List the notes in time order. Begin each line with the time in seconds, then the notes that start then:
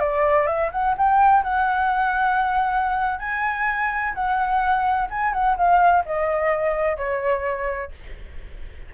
0.00 D5
0.47 E5
0.72 F#5
0.97 G5
1.43 F#5
3.20 G#5
4.14 F#5
5.10 G#5
5.33 F#5
5.57 F5
6.06 D#5
6.97 C#5